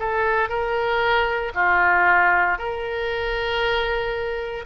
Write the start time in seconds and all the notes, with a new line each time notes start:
0.00 A4
0.49 A#4
1.55 F4
2.59 A#4